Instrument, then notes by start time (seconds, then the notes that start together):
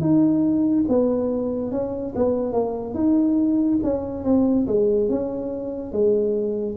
tuba
0.00 D#4
0.88 B3
1.71 C#4
2.15 B3
2.52 A#3
2.94 D#4
3.83 C#4
4.24 C4
4.67 G#3
5.09 C#4
5.92 G#3